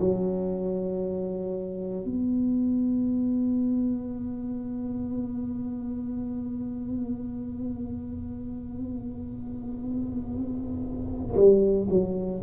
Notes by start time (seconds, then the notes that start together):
0.00 F#3
2.05 B3
11.36 G3
11.90 F#3